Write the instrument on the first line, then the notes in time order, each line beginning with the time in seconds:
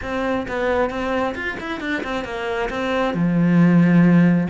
cello
0.01 C4
0.48 B3
0.90 C4
1.35 F4
1.60 E4
1.80 D4
2.03 C4
2.24 A#3
2.69 C4
3.13 F3